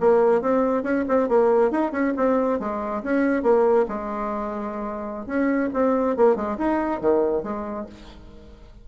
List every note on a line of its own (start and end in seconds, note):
0.00 0.41 A#3
0.41 0.83 C4
0.83 1.04 C#4
1.08 1.29 C4
1.29 1.71 A#3
1.71 1.92 D#4
1.92 2.13 C#4
2.17 2.59 C4
2.59 3.03 G#3
3.03 3.43 C#4
3.43 3.86 A#3
3.88 5.26 G#3
5.26 5.69 C#4
5.73 6.16 C4
6.16 6.36 A#3
6.36 6.57 G#3
6.58 7.00 D#4
7.00 7.43 D#3
7.43 7.86 G#3